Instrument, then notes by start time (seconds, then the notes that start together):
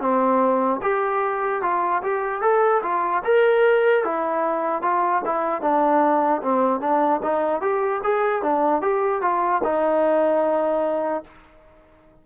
trombone
0.00 C4
0.82 G4
1.62 F4
2.03 G4
2.41 A4
2.83 F4
3.24 A#4
4.04 E4
4.82 F4
5.25 E4
5.61 D4
6.42 C4
6.80 D4
7.23 D#4
7.61 G4
8.04 G#4
8.42 D4
8.81 G4
9.21 F4
9.63 D#4